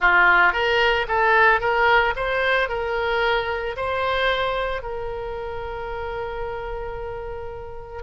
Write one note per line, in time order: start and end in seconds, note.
0.00 0.52 F4
0.52 1.06 A#4
1.08 1.60 A4
1.60 2.14 A#4
2.16 2.69 C5
2.69 3.76 A#4
3.76 4.82 C5
4.82 8.02 A#4